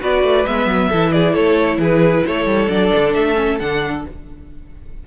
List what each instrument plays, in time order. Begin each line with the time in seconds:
0.00 cello B3, viola F#4, violin B4 D5
0.23 cello A3
0.46 cello G#3, viola B3, violin E5
0.66 cello F#3
0.89 cello E3, viola E4, violin A4
1.12 violin G#4 D5
1.33 cello A3, violin A4 C#5
1.78 cello E3, violin G#4
1.84 violin B4
2.27 cello A3, violin A4 C#5
2.46 cello G3
2.68 cello F#3, viola D4, violin D5
2.95 cello D3
3.14 cello A3, violin E5
3.36 viola C#4
3.60 cello D3, viola D4, violin F#5